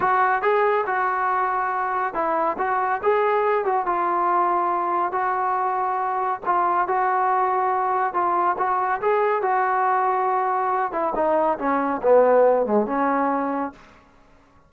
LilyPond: \new Staff \with { instrumentName = "trombone" } { \time 4/4 \tempo 4 = 140 fis'4 gis'4 fis'2~ | fis'4 e'4 fis'4 gis'4~ | gis'8 fis'8 f'2. | fis'2. f'4 |
fis'2. f'4 | fis'4 gis'4 fis'2~ | fis'4. e'8 dis'4 cis'4 | b4. gis8 cis'2 | }